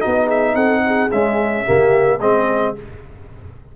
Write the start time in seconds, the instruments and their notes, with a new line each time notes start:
0.00 trombone D#4, horn F#4, trumpet D#5
0.06 tuba B3
0.26 horn G#4, trumpet E5
0.55 tuba C4, horn A4, trumpet F#5
0.87 horn G#4
1.12 trombone G#3, tuba C#4, trumpet E5
1.65 tuba C#3, trombone A#3, horn G4
2.20 tuba G#3, trombone C4, horn G#4, trumpet D#5